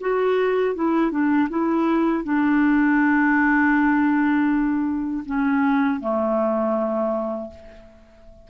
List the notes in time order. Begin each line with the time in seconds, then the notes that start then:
0.00 F#4
0.75 E4
1.10 D4
1.49 E4
2.24 D4
5.25 C#4
6.00 A3